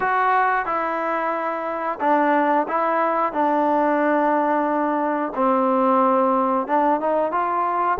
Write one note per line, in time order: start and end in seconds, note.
0.00 0.65 F#4
0.65 1.98 E4
2.00 2.67 D4
2.68 3.32 E4
3.32 5.32 D4
5.35 6.67 C4
6.67 7.00 D4
7.00 7.31 D#4
7.31 7.98 F4